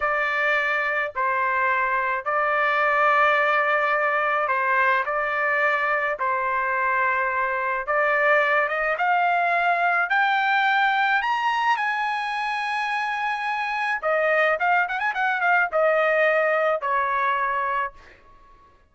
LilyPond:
\new Staff \with { instrumentName = "trumpet" } { \time 4/4 \tempo 4 = 107 d''2 c''2 | d''1 | c''4 d''2 c''4~ | c''2 d''4. dis''8 |
f''2 g''2 | ais''4 gis''2.~ | gis''4 dis''4 f''8 fis''16 gis''16 fis''8 f''8 | dis''2 cis''2 | }